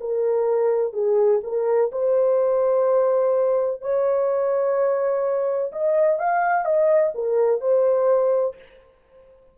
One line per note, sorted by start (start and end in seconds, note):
0.00 0.93 A#4
0.93 1.40 G#4
1.43 1.90 A#4
1.91 3.81 C5
3.81 5.71 C#5
5.72 6.19 D#5
6.19 6.65 F5
6.65 7.13 D#5
7.14 7.60 A#4
7.60 8.55 C5